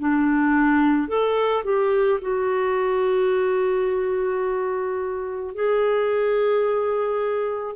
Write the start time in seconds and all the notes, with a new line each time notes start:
0.00 D4
1.09 A4
1.64 G4
2.22 F#4
5.56 G#4